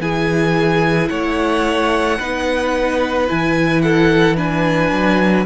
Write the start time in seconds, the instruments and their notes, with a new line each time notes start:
0.00 cello E3, viola E4, violin G#4 G#5
1.08 cello A3, violin C#5 F#5
2.19 cello B3, viola D#4, violin B4
3.28 cello E3, viola E4, violin G#5
3.82 violin A4 F#5
4.36 viola D4, violin B4 G#5
4.92 cello F#3